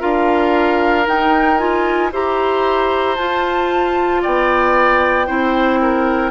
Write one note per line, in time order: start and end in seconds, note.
0.00 1.07 D4
0.00 1.06 F4
0.00 2.11 A#4
0.00 1.07 F5
1.06 1.59 D#4
1.06 2.12 D#4
1.06 1.58 G5
1.58 2.11 F4
1.58 2.11 G#5
2.12 3.18 E4
2.12 3.18 G4
2.12 4.22 C5
2.12 3.16 A#5
3.16 4.23 F4
3.16 5.27 F4
3.16 4.21 A5
4.22 5.29 B3
4.22 5.27 D5
4.22 6.32 G5
5.27 6.32 C4
5.27 6.32 E4
5.27 5.80 C5
5.82 6.32 A#4